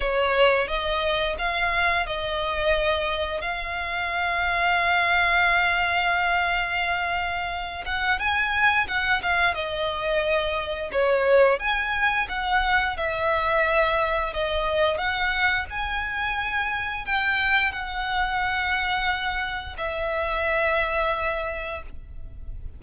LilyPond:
\new Staff \with { instrumentName = "violin" } { \time 4/4 \tempo 4 = 88 cis''4 dis''4 f''4 dis''4~ | dis''4 f''2.~ | f''2.~ f''8 fis''8 | gis''4 fis''8 f''8 dis''2 |
cis''4 gis''4 fis''4 e''4~ | e''4 dis''4 fis''4 gis''4~ | gis''4 g''4 fis''2~ | fis''4 e''2. | }